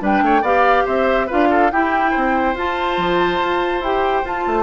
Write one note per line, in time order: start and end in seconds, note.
0.00 0.21 G3
0.00 0.42 D4
0.00 0.23 B4
0.00 0.44 G5
0.21 0.41 A3
0.21 0.41 C#5
0.41 0.84 B3
0.41 1.28 G4
0.41 0.84 D5
0.41 0.86 F5
0.85 1.29 C4
0.85 1.27 C5
0.85 1.29 E5
1.27 1.72 D4
1.27 1.71 F4
1.27 1.48 B4
1.27 1.71 F5
1.50 1.71 A4
1.71 2.56 E4
1.71 2.14 E4
1.71 2.11 G4
1.71 2.56 G5
2.11 2.54 C4
2.11 4.63 C5
2.54 2.97 F4
2.54 3.84 F4
2.54 3.83 A5
2.97 3.39 F3
3.39 3.80 F4
3.80 4.23 E4
3.80 4.24 G4
3.80 4.26 G5
4.23 4.44 F4
4.23 4.63 F4
4.23 4.63 A5
4.46 4.63 A3